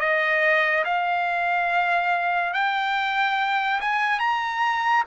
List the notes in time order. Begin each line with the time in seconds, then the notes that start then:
0.00 D#5
0.85 F5
2.54 G5
3.81 G#5
4.19 A#5